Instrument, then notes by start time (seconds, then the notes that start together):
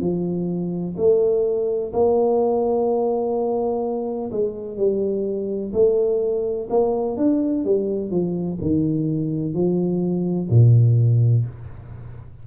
tuba
0.00 F3
0.97 A3
1.93 A#3
4.31 G#3
4.77 G3
5.73 A3
6.70 A#3
7.17 D4
7.65 G3
8.11 F3
8.61 D#3
9.54 F3
10.50 A#2